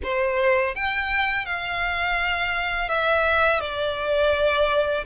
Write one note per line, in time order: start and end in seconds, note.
0.03 0.75 C5
0.75 1.45 G5
1.45 2.88 F5
2.88 3.60 E5
3.60 5.04 D5